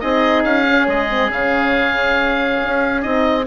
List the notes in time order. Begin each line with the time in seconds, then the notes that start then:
0.00 C4 D#4 G#4 D#5
0.44 C#4 F5
0.66 C#4
0.87 G#3 D#5
1.10 C4
1.28 C#3 C#4 F5
2.63 C#4
3.01 C4 D#4 D#5